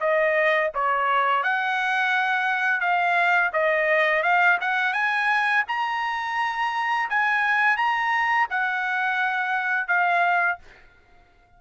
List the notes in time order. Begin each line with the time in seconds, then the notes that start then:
0.00 D#5
0.74 C#5
1.43 F#5
2.80 F5
3.53 D#5
4.23 F5
4.61 F#5
4.93 G#5
5.68 A#5
7.09 G#5
7.77 A#5
8.50 F#5
9.88 F5